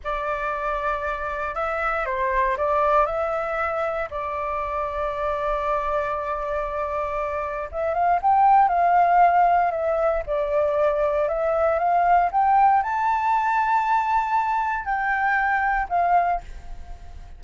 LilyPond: \new Staff \with { instrumentName = "flute" } { \time 4/4 \tempo 4 = 117 d''2. e''4 | c''4 d''4 e''2 | d''1~ | d''2. e''8 f''8 |
g''4 f''2 e''4 | d''2 e''4 f''4 | g''4 a''2.~ | a''4 g''2 f''4 | }